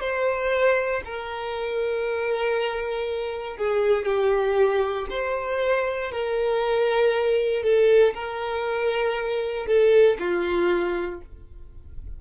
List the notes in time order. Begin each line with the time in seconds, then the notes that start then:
0.00 C5
1.05 A#4
3.57 G#4
4.05 G4
5.09 C5
6.12 A#4
7.63 A4
8.14 A#4
9.67 A4
10.19 F4